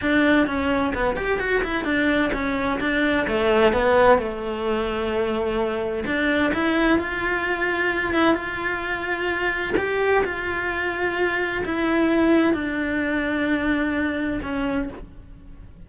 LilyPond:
\new Staff \with { instrumentName = "cello" } { \time 4/4 \tempo 4 = 129 d'4 cis'4 b8 g'8 fis'8 e'8 | d'4 cis'4 d'4 a4 | b4 a2.~ | a4 d'4 e'4 f'4~ |
f'4. e'8 f'2~ | f'4 g'4 f'2~ | f'4 e'2 d'4~ | d'2. cis'4 | }